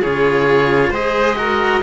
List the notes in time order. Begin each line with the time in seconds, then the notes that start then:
0.00 C#3 F4 G#4 C#5
0.89 G#3 G#4 C5 D#5
1.36 F#4 A#4